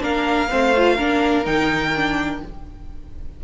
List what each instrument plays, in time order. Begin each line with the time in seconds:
0.00 cello A#3, viola D4, violin A#4 F5
0.49 cello A3, viola C4, violin C5
0.77 viola F4
0.96 cello A#3, viola D4, violin A#4
1.44 cello D#3, viola D#4, violin G5
1.96 viola D4